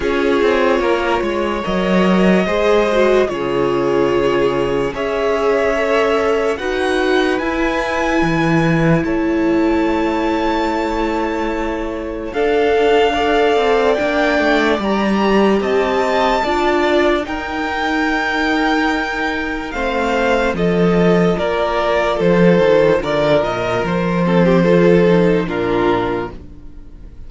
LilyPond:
<<
  \new Staff \with { instrumentName = "violin" } { \time 4/4 \tempo 4 = 73 cis''2 dis''2 | cis''2 e''2 | fis''4 gis''2 a''4~ | a''2. f''4~ |
f''4 g''4 ais''4 a''4~ | a''4 g''2. | f''4 dis''4 d''4 c''4 | d''8 dis''8 c''2 ais'4 | }
  \new Staff \with { instrumentName = "violin" } { \time 4/4 gis'4 ais'8 cis''4. c''4 | gis'2 cis''2 | b'2. cis''4~ | cis''2. a'4 |
d''2. dis''4 | d''4 ais'2. | c''4 a'4 ais'4 a'4 | ais'4. a'16 g'16 a'4 f'4 | }
  \new Staff \with { instrumentName = "viola" } { \time 4/4 f'2 ais'4 gis'8 fis'8 | f'2 gis'4 a'4 | fis'4 e'2.~ | e'2. d'4 |
a'4 d'4 g'2 | f'4 dis'2. | c'4 f'2.~ | f'4. c'8 f'8 dis'8 d'4 | }
  \new Staff \with { instrumentName = "cello" } { \time 4/4 cis'8 c'8 ais8 gis8 fis4 gis4 | cis2 cis'2 | dis'4 e'4 e4 a4~ | a2. d'4~ |
d'8 c'8 ais8 a8 g4 c'4 | d'4 dis'2. | a4 f4 ais4 f8 dis8 | d8 ais,8 f2 ais,4 | }
>>